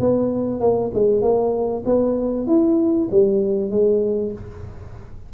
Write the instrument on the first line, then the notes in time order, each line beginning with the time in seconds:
tuba
0.00 B3
0.60 A#3
0.94 G#3
1.22 A#3
1.86 B3
2.47 E4
3.11 G3
3.71 G#3